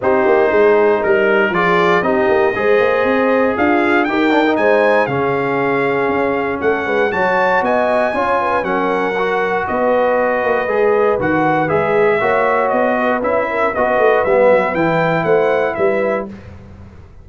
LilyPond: <<
  \new Staff \with { instrumentName = "trumpet" } { \time 4/4 \tempo 4 = 118 c''2 ais'4 d''4 | dis''2. f''4 | g''4 gis''4 f''2~ | f''4 fis''4 a''4 gis''4~ |
gis''4 fis''2 dis''4~ | dis''2 fis''4 e''4~ | e''4 dis''4 e''4 dis''4 | e''4 g''4 fis''4 e''4 | }
  \new Staff \with { instrumentName = "horn" } { \time 4/4 g'4 gis'4 ais'4 gis'4 | g'4 c''2 f'4 | ais'4 c''4 gis'2~ | gis'4 a'8 b'8 cis''4 dis''4 |
cis''8 b'8 ais'2 b'4~ | b'1 | cis''4. b'4 ais'8 b'4~ | b'2 c''4 b'4 | }
  \new Staff \with { instrumentName = "trombone" } { \time 4/4 dis'2. f'4 | dis'4 gis'2. | g'8 d'16 dis'4~ dis'16 cis'2~ | cis'2 fis'2 |
f'4 cis'4 fis'2~ | fis'4 gis'4 fis'4 gis'4 | fis'2 e'4 fis'4 | b4 e'2. | }
  \new Staff \with { instrumentName = "tuba" } { \time 4/4 c'8 ais8 gis4 g4 f4 | c'8 ais8 gis8 ais8 c'4 d'4 | dis'4 gis4 cis2 | cis'4 a8 gis8 fis4 b4 |
cis'4 fis2 b4~ | b8 ais8 gis4 dis4 gis4 | ais4 b4 cis'4 b8 a8 | g8 fis8 e4 a4 g4 | }
>>